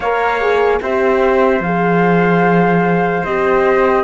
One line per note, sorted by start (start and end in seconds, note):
0.00 0.80 A#3
0.00 0.40 A#4
0.00 0.80 C#5
0.00 0.80 F5
0.40 0.81 G#4
0.81 1.60 C4
0.81 1.62 G4
0.81 4.04 C5
0.81 1.62 E5
1.60 3.22 F3
1.60 3.25 G#4
1.60 3.24 F5
3.24 4.04 C4
3.24 4.04 G4
3.24 4.04 D#5